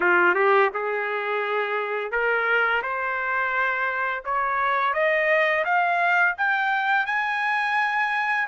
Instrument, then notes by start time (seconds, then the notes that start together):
trumpet
0.00 F4
0.34 G4
0.73 G#4
2.11 A#4
2.82 C5
4.24 C#5
4.93 D#5
5.64 F5
6.37 G5
7.06 G#5